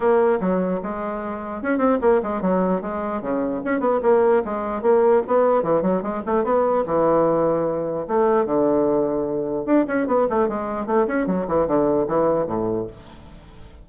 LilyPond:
\new Staff \with { instrumentName = "bassoon" } { \time 4/4 \tempo 4 = 149 ais4 fis4 gis2 | cis'8 c'8 ais8 gis8 fis4 gis4 | cis4 cis'8 b8 ais4 gis4 | ais4 b4 e8 fis8 gis8 a8 |
b4 e2. | a4 d2. | d'8 cis'8 b8 a8 gis4 a8 cis'8 | fis8 e8 d4 e4 a,4 | }